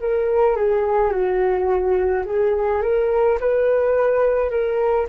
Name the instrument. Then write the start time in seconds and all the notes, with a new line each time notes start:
flute
0.00 A#4
0.56 G#4
1.11 F#4
2.25 G#4
2.81 A#4
3.40 B4
4.50 A#4